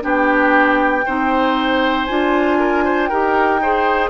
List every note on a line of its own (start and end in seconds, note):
0.00 1.05 B3
0.00 1.02 D4
0.00 1.05 G4
0.00 2.06 G5
1.06 2.09 C4
1.06 2.09 D#4
1.06 2.58 C5
2.06 3.11 D4
2.06 3.10 F4
2.06 3.07 G#5
2.59 2.84 A#4
2.84 3.09 C5
3.07 4.10 D#4
3.07 3.61 G4
3.07 3.60 A#4
3.07 4.09 G5
3.62 4.10 G#4
3.62 4.10 C5